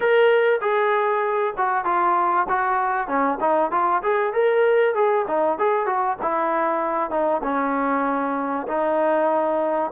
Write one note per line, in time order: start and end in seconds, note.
0.00 0.60 A#4
0.61 1.54 G#4
1.57 1.84 F#4
1.84 2.46 F4
2.49 3.07 F#4
3.07 3.38 C#4
3.40 3.71 D#4
3.71 4.02 F4
4.03 4.33 G#4
4.33 4.94 A#4
4.94 5.25 G#4
5.27 5.58 D#4
5.58 5.86 G#4
5.86 6.17 F#4
6.22 7.10 E4
7.10 7.41 D#4
7.43 8.67 C#4
8.67 9.91 D#4